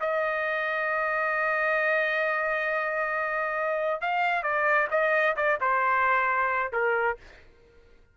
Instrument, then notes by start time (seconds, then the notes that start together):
trumpet
0.00 D#5
4.01 F5
4.42 D5
4.91 D#5
5.36 D5
5.61 C5
6.72 A#4